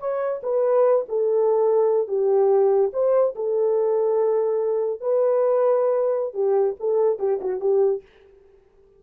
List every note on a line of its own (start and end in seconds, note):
0.00 0.42 C#5
0.44 1.06 B4
1.09 2.08 A4
2.08 2.92 G4
2.93 3.35 C5
3.36 5.01 A4
5.01 6.34 B4
6.34 6.76 G4
6.80 7.20 A4
7.20 7.40 G4
7.41 7.61 F#4
7.61 8.02 G4